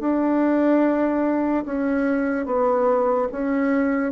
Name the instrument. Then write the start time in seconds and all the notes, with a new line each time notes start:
bassoon
0.00 D4
1.66 C#4
2.46 B3
3.33 C#4